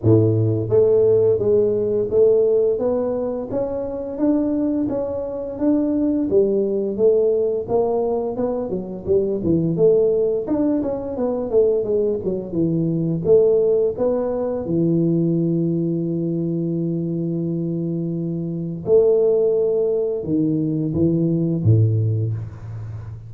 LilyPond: \new Staff \with { instrumentName = "tuba" } { \time 4/4 \tempo 4 = 86 a,4 a4 gis4 a4 | b4 cis'4 d'4 cis'4 | d'4 g4 a4 ais4 | b8 fis8 g8 e8 a4 d'8 cis'8 |
b8 a8 gis8 fis8 e4 a4 | b4 e2.~ | e2. a4~ | a4 dis4 e4 a,4 | }